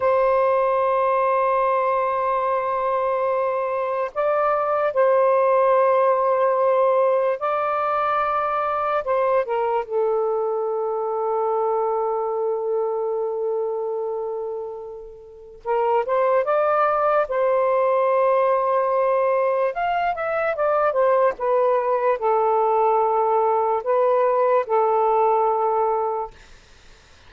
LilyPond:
\new Staff \with { instrumentName = "saxophone" } { \time 4/4 \tempo 4 = 73 c''1~ | c''4 d''4 c''2~ | c''4 d''2 c''8 ais'8 | a'1~ |
a'2. ais'8 c''8 | d''4 c''2. | f''8 e''8 d''8 c''8 b'4 a'4~ | a'4 b'4 a'2 | }